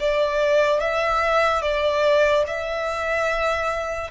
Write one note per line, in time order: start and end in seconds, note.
0.00 0.81 D5
0.81 1.62 E5
1.62 2.44 D5
2.47 4.11 E5